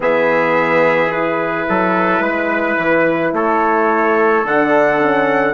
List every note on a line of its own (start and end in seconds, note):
0.00 1.67 E3
0.00 1.10 B3
0.00 1.68 G#4
0.00 1.11 E5
1.11 4.45 E4
1.11 3.34 B4
1.69 2.20 F#3
1.69 2.22 A4
2.20 2.75 G#3
2.20 3.33 B4
2.77 3.32 E3
3.32 4.44 A3
3.32 5.53 A4
3.32 4.46 C#5
4.44 5.53 D3
4.44 4.97 D4
4.44 5.53 F#5
4.97 5.52 C#4